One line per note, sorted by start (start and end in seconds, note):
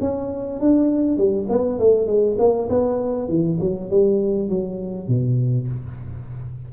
0.00 0.60 C#4
0.60 1.17 D4
1.17 1.47 G3
1.49 1.79 B3
1.79 2.06 A3
2.06 2.36 G#3
2.38 2.68 A#3
2.69 3.28 B3
3.28 3.58 E3
3.60 3.90 F#3
3.90 4.49 G3
4.49 5.08 F#3
5.08 5.68 B2